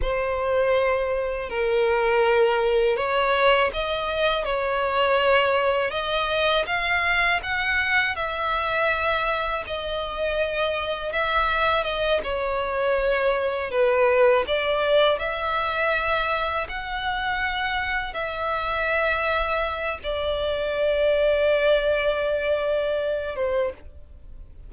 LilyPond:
\new Staff \with { instrumentName = "violin" } { \time 4/4 \tempo 4 = 81 c''2 ais'2 | cis''4 dis''4 cis''2 | dis''4 f''4 fis''4 e''4~ | e''4 dis''2 e''4 |
dis''8 cis''2 b'4 d''8~ | d''8 e''2 fis''4.~ | fis''8 e''2~ e''8 d''4~ | d''2.~ d''8 c''8 | }